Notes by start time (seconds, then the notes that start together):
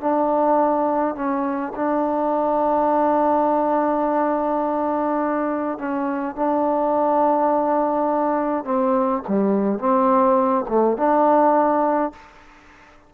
0.00 D4
1.15 C#4
1.75 D4
5.78 C#4
6.35 D4
8.64 C4
9.28 G3
9.78 C4
10.68 A3
10.97 D4